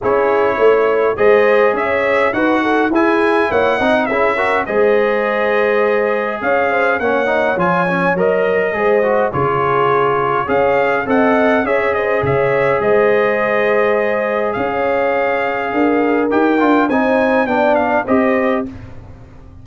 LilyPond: <<
  \new Staff \with { instrumentName = "trumpet" } { \time 4/4 \tempo 4 = 103 cis''2 dis''4 e''4 | fis''4 gis''4 fis''4 e''4 | dis''2. f''4 | fis''4 gis''4 dis''2 |
cis''2 f''4 fis''4 | e''8 dis''8 e''4 dis''2~ | dis''4 f''2. | g''4 gis''4 g''8 f''8 dis''4 | }
  \new Staff \with { instrumentName = "horn" } { \time 4/4 gis'4 cis''4 c''4 cis''4 | b'8 a'8 gis'4 cis''8 dis''8 gis'8 ais'8 | c''2. cis''8 c''8 | cis''2. c''4 |
gis'2 cis''4 dis''4 | cis''8 c''8 cis''4 c''2~ | c''4 cis''2 ais'4~ | ais'4 c''4 d''4 c''4 | }
  \new Staff \with { instrumentName = "trombone" } { \time 4/4 e'2 gis'2 | fis'4 e'4. dis'8 e'8 fis'8 | gis'1 | cis'8 dis'8 f'8 cis'8 ais'4 gis'8 fis'8 |
f'2 gis'4 a'4 | gis'1~ | gis'1 | g'8 f'8 dis'4 d'4 g'4 | }
  \new Staff \with { instrumentName = "tuba" } { \time 4/4 cis'4 a4 gis4 cis'4 | dis'4 e'4 ais8 c'8 cis'4 | gis2. cis'4 | ais4 f4 fis4 gis4 |
cis2 cis'4 c'4 | cis'4 cis4 gis2~ | gis4 cis'2 d'4 | dis'8 d'8 c'4 b4 c'4 | }
>>